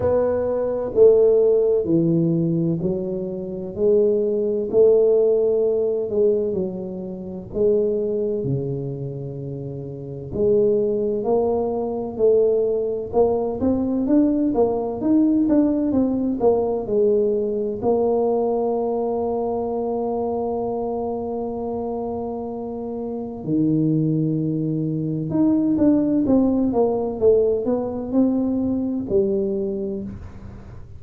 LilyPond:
\new Staff \with { instrumentName = "tuba" } { \time 4/4 \tempo 4 = 64 b4 a4 e4 fis4 | gis4 a4. gis8 fis4 | gis4 cis2 gis4 | ais4 a4 ais8 c'8 d'8 ais8 |
dis'8 d'8 c'8 ais8 gis4 ais4~ | ais1~ | ais4 dis2 dis'8 d'8 | c'8 ais8 a8 b8 c'4 g4 | }